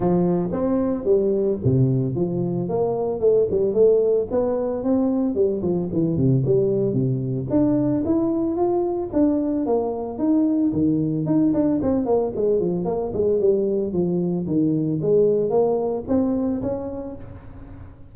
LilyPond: \new Staff \with { instrumentName = "tuba" } { \time 4/4 \tempo 4 = 112 f4 c'4 g4 c4 | f4 ais4 a8 g8 a4 | b4 c'4 g8 f8 e8 c8 | g4 c4 d'4 e'4 |
f'4 d'4 ais4 dis'4 | dis4 dis'8 d'8 c'8 ais8 gis8 f8 | ais8 gis8 g4 f4 dis4 | gis4 ais4 c'4 cis'4 | }